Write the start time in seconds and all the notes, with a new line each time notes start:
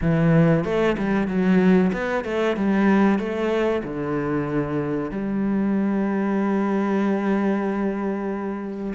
0.01 E3
0.64 A3
0.98 G3
1.27 F#3
1.93 B3
2.24 A3
2.56 G3
3.18 A3
3.83 D3
5.10 G3